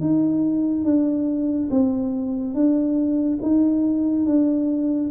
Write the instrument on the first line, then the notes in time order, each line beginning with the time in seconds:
tuba
0.00 D#4
0.84 D4
1.70 C4
2.54 D4
3.42 D#4
4.26 D4